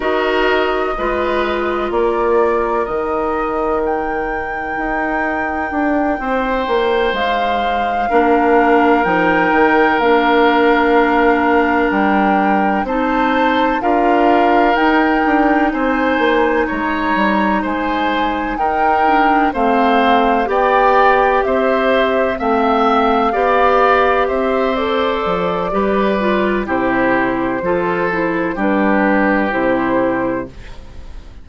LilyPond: <<
  \new Staff \with { instrumentName = "flute" } { \time 4/4 \tempo 4 = 63 dis''2 d''4 dis''4 | g''2.~ g''8 f''8~ | f''4. g''4 f''4.~ | f''8 g''4 a''4 f''4 g''8~ |
g''8 gis''4 ais''4 gis''4 g''8~ | g''8 f''4 g''4 e''4 f''8~ | f''4. e''8 d''2 | c''2 b'4 c''4 | }
  \new Staff \with { instrumentName = "oboe" } { \time 4/4 ais'4 b'4 ais'2~ | ais'2~ ais'8 c''4.~ | c''8 ais'2.~ ais'8~ | ais'4. c''4 ais'4.~ |
ais'8 c''4 cis''4 c''4 ais'8~ | ais'8 c''4 d''4 c''4 e''8~ | e''8 d''4 c''4. b'4 | g'4 a'4 g'2 | }
  \new Staff \with { instrumentName = "clarinet" } { \time 4/4 fis'4 f'2 dis'4~ | dis'1~ | dis'8 d'4 dis'4 d'4.~ | d'4. dis'4 f'4 dis'8~ |
dis'1 | d'8 c'4 g'2 c'8~ | c'8 g'4. a'4 g'8 f'8 | e'4 f'8 e'8 d'4 e'4 | }
  \new Staff \with { instrumentName = "bassoon" } { \time 4/4 dis'4 gis4 ais4 dis4~ | dis4 dis'4 d'8 c'8 ais8 gis8~ | gis8 ais4 f8 dis8 ais4.~ | ais8 g4 c'4 d'4 dis'8 |
d'8 c'8 ais8 gis8 g8 gis4 dis'8~ | dis'8 a4 b4 c'4 a8~ | a8 b4 c'4 f8 g4 | c4 f4 g4 c4 | }
>>